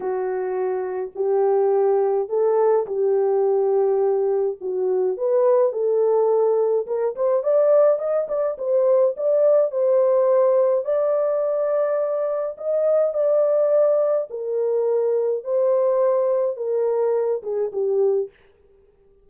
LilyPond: \new Staff \with { instrumentName = "horn" } { \time 4/4 \tempo 4 = 105 fis'2 g'2 | a'4 g'2. | fis'4 b'4 a'2 | ais'8 c''8 d''4 dis''8 d''8 c''4 |
d''4 c''2 d''4~ | d''2 dis''4 d''4~ | d''4 ais'2 c''4~ | c''4 ais'4. gis'8 g'4 | }